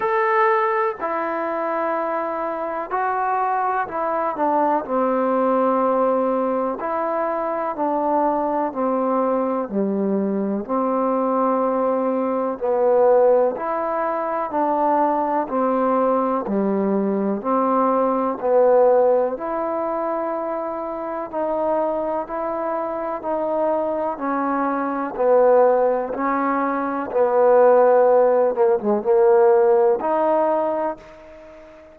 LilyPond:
\new Staff \with { instrumentName = "trombone" } { \time 4/4 \tempo 4 = 62 a'4 e'2 fis'4 | e'8 d'8 c'2 e'4 | d'4 c'4 g4 c'4~ | c'4 b4 e'4 d'4 |
c'4 g4 c'4 b4 | e'2 dis'4 e'4 | dis'4 cis'4 b4 cis'4 | b4. ais16 gis16 ais4 dis'4 | }